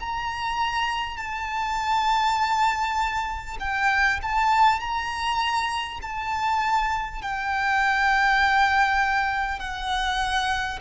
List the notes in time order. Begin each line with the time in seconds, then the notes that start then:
0.00 A#5
1.17 A5
3.60 G5
4.23 A5
4.81 A#5
6.02 A5
7.22 G5
9.59 F#5